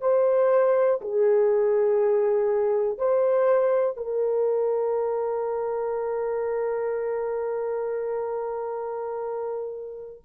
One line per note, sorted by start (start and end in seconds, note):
0.00 1.00 C5
1.01 2.98 G#4
2.98 3.96 C5
3.96 10.21 A#4